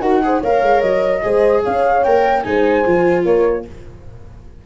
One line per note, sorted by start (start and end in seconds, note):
0.00 0.40 D#4
0.00 0.22 F#4
0.00 0.21 A#4
0.00 0.41 F#5
0.23 0.43 G#4
0.23 0.41 C5
0.41 0.62 A#3
0.41 1.22 A#4
0.41 1.21 C#5
0.41 0.81 F5
0.62 0.82 G#3
0.81 1.23 F#3
0.81 1.61 D#5
1.22 1.64 G#3
1.22 2.02 G#4
1.22 1.63 C5
1.63 2.05 C#4
1.63 2.43 C#5
1.63 2.03 F5
2.03 2.45 A#3
2.03 2.43 A#4
2.03 2.42 G5
2.42 2.86 G#3
2.42 2.83 D#4
2.42 3.25 C5
2.42 3.23 G#5
2.84 3.24 F3
2.84 3.64 F4
3.24 3.65 A#3
3.24 3.66 A#4
3.24 3.64 C#5